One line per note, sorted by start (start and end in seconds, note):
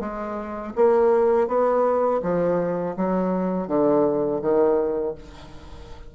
0.00 0.73 G#3
0.76 1.48 A#3
1.48 2.21 B3
2.23 2.96 F3
2.96 3.68 F#3
3.68 4.41 D3
4.41 5.15 D#3